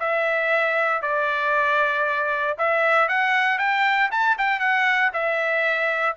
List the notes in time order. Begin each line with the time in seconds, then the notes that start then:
0.00 E5
1.03 D5
2.58 E5
3.09 F#5
3.59 G5
4.12 A5
4.38 G5
4.60 F#5
5.14 E5